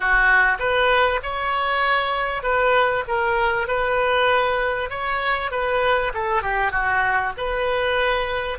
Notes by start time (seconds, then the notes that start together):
0.00 F#4
0.59 B4
1.22 C#5
2.42 B4
3.07 A#4
3.67 B4
4.90 C#5
5.51 B4
6.14 A4
6.42 G4
6.71 F#4
7.37 B4